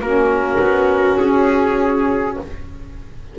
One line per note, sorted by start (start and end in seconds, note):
0.00 0.59 A#3
0.00 2.38 C#4
0.00 2.38 F#4
0.00 1.19 A#4
0.59 1.18 B3
1.19 2.37 C#4
1.19 2.37 G#4